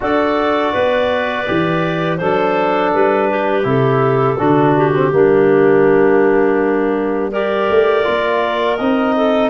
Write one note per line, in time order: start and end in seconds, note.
0.00 0.73 D4
0.00 1.46 F#4
0.00 0.72 A4
0.00 2.16 D5
0.72 1.47 B3
0.72 2.18 B4
1.46 2.20 E3
1.46 2.19 G4
2.16 2.93 F#3
2.16 3.63 D4
2.16 3.29 A4
2.16 2.89 C5
2.93 3.64 G3
2.93 3.66 B4
3.29 4.37 G4
3.63 4.37 C3
3.63 4.36 E4
3.63 4.76 A4
4.37 5.12 D3
4.37 4.93 D4
4.37 5.11 F#4
4.77 7.32 G4
4.94 5.12 C4
5.12 7.68 G3
5.12 7.31 A#3
5.12 7.31 D4
7.31 8.04 G4
7.31 9.14 A#4
7.31 8.77 D5
7.69 8.06 A3
8.04 8.79 A#3
8.04 8.77 F4
8.77 9.50 C4
8.77 9.50 D#4
8.77 9.50 D#5
9.16 9.50 A4